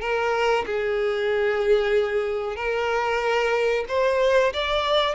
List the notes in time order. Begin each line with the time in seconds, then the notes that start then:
0.00 A#4
0.66 G#4
2.56 A#4
3.88 C5
4.53 D5